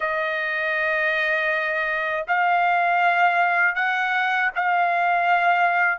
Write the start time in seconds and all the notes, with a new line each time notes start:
0.00 D#5
2.27 F5
3.75 F#5
4.55 F5